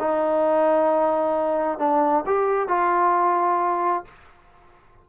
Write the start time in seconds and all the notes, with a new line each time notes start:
0.00 D#4
1.79 D4
2.27 G4
2.69 F4